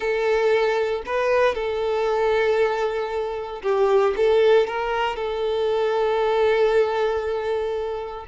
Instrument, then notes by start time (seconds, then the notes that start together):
violin
0.00 A4
1.06 B4
1.54 A4
3.62 G4
4.16 A4
4.67 A#4
5.15 A4